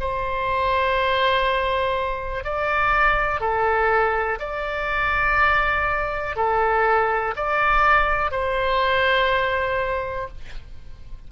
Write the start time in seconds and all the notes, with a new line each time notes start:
0.00 C5
2.44 D5
3.41 A4
4.39 D5
6.36 A4
7.36 D5
8.31 C5